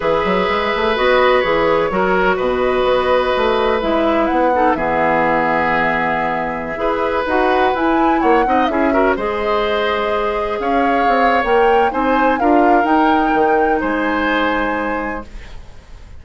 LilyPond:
<<
  \new Staff \with { instrumentName = "flute" } { \time 4/4 \tempo 4 = 126 e''2 dis''4 cis''4~ | cis''4 dis''2. | e''4 fis''4 e''2~ | e''2.~ e''16 fis''8.~ |
fis''16 gis''4 fis''4 e''4 dis''8.~ | dis''2~ dis''16 f''4.~ f''16 | g''4 gis''4 f''4 g''4~ | g''4 gis''2. | }
  \new Staff \with { instrumentName = "oboe" } { \time 4/4 b'1 | ais'4 b'2.~ | b'4. a'8 gis'2~ | gis'2~ gis'16 b'4.~ b'16~ |
b'4~ b'16 cis''8 dis''8 gis'8 ais'8 c''8.~ | c''2~ c''16 cis''4.~ cis''16~ | cis''4 c''4 ais'2~ | ais'4 c''2. | }
  \new Staff \with { instrumentName = "clarinet" } { \time 4/4 gis'2 fis'4 gis'4 | fis'1 | e'4. dis'8 b2~ | b2~ b16 gis'4 fis'8.~ |
fis'16 e'4. dis'8 e'8 fis'8 gis'8.~ | gis'1 | ais'4 dis'4 f'4 dis'4~ | dis'1 | }
  \new Staff \with { instrumentName = "bassoon" } { \time 4/4 e8 fis8 gis8 a8 b4 e4 | fis4 b,4 b4 a4 | gis4 b4 e2~ | e2~ e16 e'4 dis'8.~ |
dis'16 e'4 ais8 c'8 cis'4 gis8.~ | gis2~ gis16 cis'4 c'8. | ais4 c'4 d'4 dis'4 | dis4 gis2. | }
>>